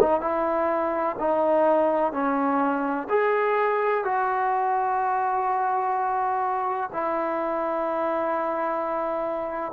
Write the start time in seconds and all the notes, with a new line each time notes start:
0.00 D#4
0.21 E4
1.19 D#4
2.13 C#4
3.09 G#4
4.04 F#4
6.93 E4